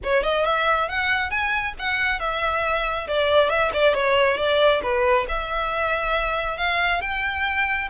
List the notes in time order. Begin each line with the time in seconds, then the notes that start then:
0.03 C#5
0.23 D#5
0.45 E5
0.88 F#5
1.30 G#5
1.79 F#5
2.19 E5
3.07 D5
3.49 E5
3.73 D5
3.94 C#5
4.37 D5
4.82 B4
5.28 E5
6.57 F5
7.01 G5